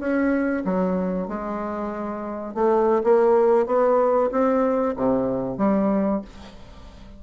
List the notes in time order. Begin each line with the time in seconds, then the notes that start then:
0.00 C#4
0.65 F#3
1.28 G#3
2.55 A3
3.04 A#3
3.67 B3
4.32 C4
4.96 C3
5.58 G3